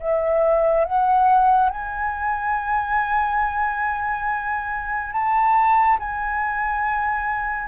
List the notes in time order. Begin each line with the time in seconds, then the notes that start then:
0.00 E5
0.85 F#5
1.69 G#5
5.12 A5
5.99 G#5